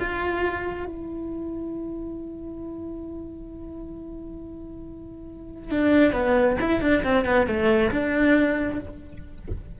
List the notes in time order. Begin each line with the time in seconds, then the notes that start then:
0.00 F4
0.86 E4
5.72 D4
6.13 B3
6.61 E4
6.81 D4
7.04 C4
7.25 B3
7.47 A3
7.91 D4